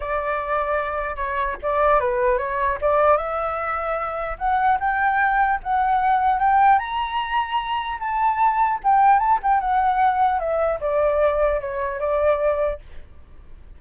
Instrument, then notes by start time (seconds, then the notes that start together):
flute
0.00 D5
1.16 C#5
1.62 D5
2.00 B4
2.38 C#5
2.81 D5
3.17 E5
4.38 F#5
4.79 G5
5.63 F#5
6.39 G5
6.78 A#5
7.99 A5
8.83 G5
9.19 A5
9.42 G5
9.60 F#5
10.39 E5
10.80 D5
11.60 C#5
11.99 D5